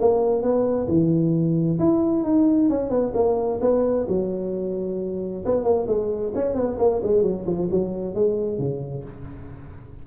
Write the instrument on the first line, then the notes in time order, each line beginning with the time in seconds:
tuba
0.00 A#3
0.43 B3
0.88 E3
1.79 E4
2.24 D#4
2.70 C#4
2.90 B3
3.15 A#3
3.62 B3
4.09 F#3
5.46 B3
5.64 A#3
5.88 G#3
6.36 C#4
6.55 B3
6.79 A#3
7.03 G#3
7.23 F#3
7.46 F3
7.71 F#3
8.15 G#3
8.59 C#3